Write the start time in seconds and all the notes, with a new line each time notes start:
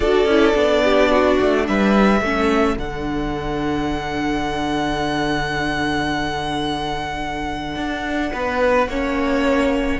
0.00 D4 F#4 A4 D5
0.25 C#4 E4
0.54 B3 D4
0.83 G4
1.11 F#4
1.40 A3
1.67 G3 B4 E5
2.21 A3 C#4 A4
2.77 D3 D4 F#5
7.76 D4
8.32 B3 B4
8.88 A#3 C#4 C#5